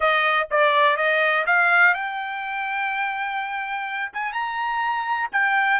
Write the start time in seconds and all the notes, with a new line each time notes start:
0.00 D#5
0.50 D5
0.97 D#5
1.46 F5
1.94 G5
4.13 G#5
4.32 A#5
5.32 G5